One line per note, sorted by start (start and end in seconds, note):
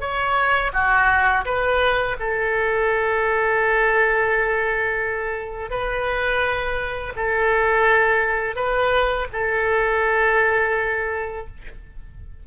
0.00 0.71 C#5
0.73 1.44 F#4
1.45 2.16 B4
2.19 5.70 A4
5.70 7.13 B4
7.16 8.55 A4
8.55 9.27 B4
9.32 11.46 A4